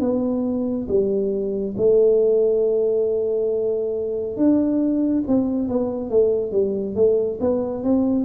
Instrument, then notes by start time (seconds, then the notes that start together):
tuba
0.00 B3
0.88 G3
1.77 A3
4.36 D4
5.27 C4
5.68 B3
6.09 A3
6.51 G3
6.95 A3
7.40 B3
7.83 C4